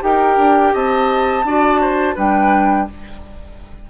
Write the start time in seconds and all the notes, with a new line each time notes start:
0.00 D#4 G4 A#4 G5
0.37 D4
0.73 C4 D#5 A5
1.44 D4 F#4 D5
1.81 C5
2.14 G3 D4 B4 G5